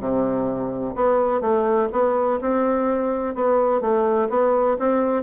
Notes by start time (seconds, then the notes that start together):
0.00 C3
0.95 B3
1.41 A3
1.93 B3
2.41 C4
3.35 B3
3.81 A3
4.30 B3
4.79 C4